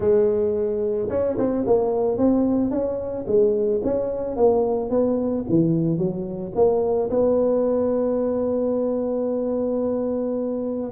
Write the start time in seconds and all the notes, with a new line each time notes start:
0.00 G#3
1.09 C#4
1.38 C4
1.66 A#3
2.17 C4
2.70 C#4
3.27 G#3
3.83 C#4
4.36 A#3
4.90 B3
5.49 E3
5.98 F#3
6.55 A#3
7.10 B3